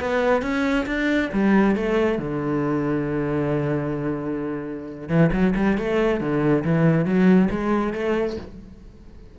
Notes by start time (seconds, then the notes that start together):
0.00 B3
0.42 C#4
0.86 D4
1.33 G3
1.76 A3
2.19 D3
5.09 E3
5.33 F#3
5.56 G3
5.78 A3
6.21 D3
6.64 E3
7.06 F#3
7.51 G#3
7.93 A3